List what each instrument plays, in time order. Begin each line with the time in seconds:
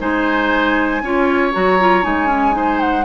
0.00 bassoon G#3, clarinet D#4, oboe C5, flute G#5
1.02 bassoon C#4, clarinet F4, oboe C#5
1.52 bassoon F#3, clarinet F#4, flute A#5
1.79 clarinet F4
2.03 bassoon G#3, clarinet D#4, flute G#5
2.27 clarinet C#4
2.52 clarinet D#4, oboe C5
2.80 flute F#5